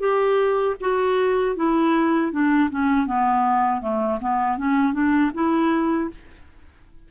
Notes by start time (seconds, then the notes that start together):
0.00 G4
0.81 F#4
1.56 E4
2.32 D4
2.71 C#4
3.07 B3
3.81 A3
4.21 B3
4.58 C#4
4.94 D4
5.34 E4